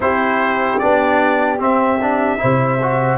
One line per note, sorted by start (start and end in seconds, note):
0.00 0.78 C4
0.00 0.80 E4
0.00 2.41 G4
0.00 0.79 C5
0.79 1.58 B3
0.79 1.58 D4
0.79 1.59 D5
1.58 2.38 C4
1.58 1.98 C4
1.58 3.18 E5
2.01 2.38 D4
2.38 3.18 C3
2.38 2.78 E4
2.38 3.18 C5
2.81 3.18 F#4